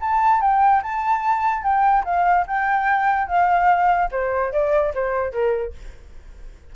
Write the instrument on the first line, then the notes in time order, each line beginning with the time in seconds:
flute
0.00 A5
0.41 G5
0.83 A5
1.62 G5
2.04 F5
2.47 G5
3.27 F5
4.11 C5
4.52 D5
4.94 C5
5.32 A#4